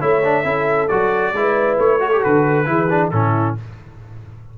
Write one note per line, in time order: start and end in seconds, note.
0.00 0.44 A3
0.00 0.23 E4
0.00 0.44 C#5
0.00 0.88 E5
0.24 0.44 D4
0.44 0.89 C#4
0.44 0.89 E4
0.44 1.34 A4
0.88 1.33 F#3
0.88 1.35 F#4
0.88 1.77 D5
1.33 1.77 G#3
1.33 1.99 E4
1.33 2.02 B4
1.79 2.23 A3
1.79 2.23 C#5
1.99 2.11 F#4
1.99 2.68 A4
2.12 2.20 G4
2.20 2.67 D3
2.20 2.65 F#4
2.20 3.10 B4
2.65 3.12 E3
2.65 2.87 E4
2.65 3.12 G#4
2.90 3.12 D4
3.10 3.56 A2
3.10 3.57 C#4
3.10 3.58 E4
3.10 3.55 A4